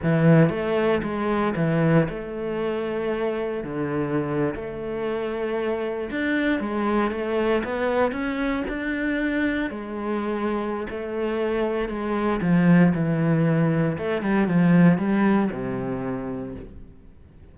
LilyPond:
\new Staff \with { instrumentName = "cello" } { \time 4/4 \tempo 4 = 116 e4 a4 gis4 e4 | a2. d4~ | d8. a2. d'16~ | d'8. gis4 a4 b4 cis'16~ |
cis'8. d'2 gis4~ gis16~ | gis4 a2 gis4 | f4 e2 a8 g8 | f4 g4 c2 | }